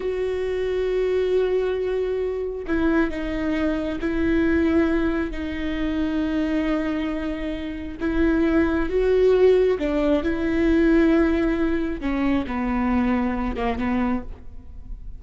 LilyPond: \new Staff \with { instrumentName = "viola" } { \time 4/4 \tempo 4 = 135 fis'1~ | fis'2 e'4 dis'4~ | dis'4 e'2. | dis'1~ |
dis'2 e'2 | fis'2 d'4 e'4~ | e'2. cis'4 | b2~ b8 ais8 b4 | }